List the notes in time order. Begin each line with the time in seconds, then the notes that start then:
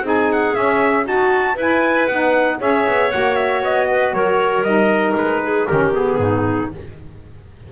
0.00 C4 D#4 G#4
0.07 G#5
0.32 F#5
0.55 C#4 E5
1.05 D#4 F#4 A5
1.54 E4 B4
1.60 G#5
2.07 B3 D#4 F#5
2.60 C#4 G#4 C#5 E5
2.87 B3
3.11 A#3 F#4 F#5
3.35 E5
3.62 B3 D#5
3.90 B4
4.13 F#3 A#4 C#5
4.61 G3 D#4 D#5
5.15 G#3 B4
5.43 G#4
5.67 D#3 C#4 G4 A#4
5.93 B3 G#4
6.17 G#2 D#4